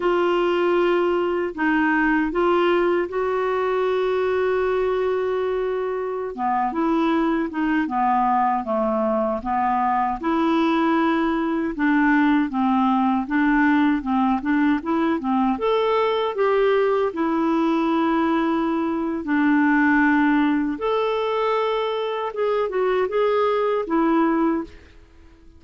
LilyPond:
\new Staff \with { instrumentName = "clarinet" } { \time 4/4 \tempo 4 = 78 f'2 dis'4 f'4 | fis'1~ | fis'16 b8 e'4 dis'8 b4 a8.~ | a16 b4 e'2 d'8.~ |
d'16 c'4 d'4 c'8 d'8 e'8 c'16~ | c'16 a'4 g'4 e'4.~ e'16~ | e'4 d'2 a'4~ | a'4 gis'8 fis'8 gis'4 e'4 | }